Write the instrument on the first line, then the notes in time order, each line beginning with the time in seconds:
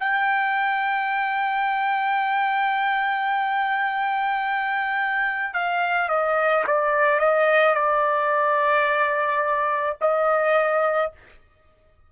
trumpet
0.00 G5
5.54 F5
6.09 D#5
6.67 D5
7.20 D#5
7.75 D5
10.01 D#5